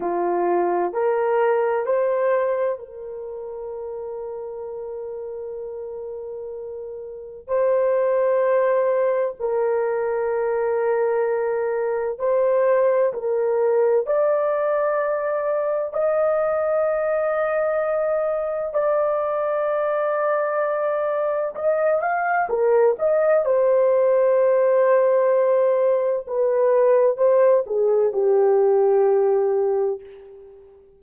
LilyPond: \new Staff \with { instrumentName = "horn" } { \time 4/4 \tempo 4 = 64 f'4 ais'4 c''4 ais'4~ | ais'1 | c''2 ais'2~ | ais'4 c''4 ais'4 d''4~ |
d''4 dis''2. | d''2. dis''8 f''8 | ais'8 dis''8 c''2. | b'4 c''8 gis'8 g'2 | }